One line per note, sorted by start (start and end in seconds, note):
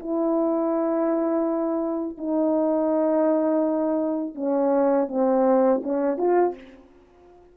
0.00 2.18 E4
2.18 4.35 D#4
4.35 5.08 C#4
5.08 5.81 C4
5.83 6.18 C#4
6.18 6.55 F4